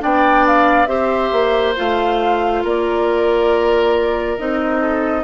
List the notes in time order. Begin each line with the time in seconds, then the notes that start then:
0.00 B3 D4 D5 G5
0.47 F5
0.86 C4 G4 C5 E5
1.32 A#3
1.76 A3 F4 F5
2.64 A#3 A#4 D5
4.38 C4 D#4 D#5
4.81 A4